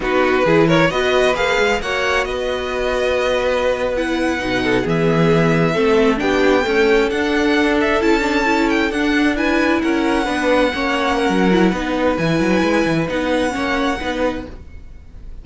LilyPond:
<<
  \new Staff \with { instrumentName = "violin" } { \time 4/4 \tempo 4 = 133 b'4. cis''8 dis''4 f''4 | fis''4 dis''2.~ | dis''8. fis''2 e''4~ e''16~ | e''4.~ e''16 g''2 fis''16~ |
fis''4~ fis''16 e''8 a''4. g''8 fis''16~ | fis''8. gis''4 fis''2~ fis''16~ | fis''2. gis''4~ | gis''4 fis''2. | }
  \new Staff \with { instrumentName = "violin" } { \time 4/4 fis'4 gis'8 ais'8 b'2 | cis''4 b'2.~ | b'2~ b'16 a'8 gis'4~ gis'16~ | gis'8. a'4 g'4 a'4~ a'16~ |
a'1~ | a'8. b'4 ais'4 b'4 cis''16~ | cis''8. ais'4~ ais'16 b'2~ | b'2 cis''4 b'4 | }
  \new Staff \with { instrumentName = "viola" } { \time 4/4 dis'4 e'4 fis'4 gis'4 | fis'1~ | fis'8. e'4 dis'4 b4~ b16~ | b8. c'4 d'4 a4 d'16~ |
d'4.~ d'16 e'8 d'8 e'4 d'16~ | d'8. e'2 d'4 cis'16~ | cis'4. e'8 dis'4 e'4~ | e'4 dis'4 cis'4 dis'4 | }
  \new Staff \with { instrumentName = "cello" } { \time 4/4 b4 e4 b4 ais8 gis8 | ais4 b2.~ | b4.~ b16 b,4 e4~ e16~ | e8. a4 b4 cis'4 d'16~ |
d'4.~ d'16 cis'2 d'16~ | d'4.~ d'16 cis'4 b4 ais16~ | ais4 fis4 b4 e8 fis8 | gis8 e8 b4 ais4 b4 | }
>>